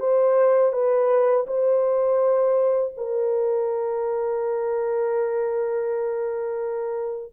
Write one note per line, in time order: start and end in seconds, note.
0.00 0.73 C5
0.73 1.46 B4
1.47 2.93 C5
2.97 7.33 A#4